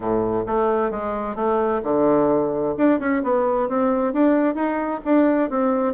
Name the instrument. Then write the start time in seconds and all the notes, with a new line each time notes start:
bassoon
0.00 A2
0.46 A3
0.91 G#3
1.35 A3
1.83 D3
2.77 D4
2.99 C#4
3.23 B3
3.68 C4
4.13 D4
4.54 D#4
5.05 D4
5.49 C4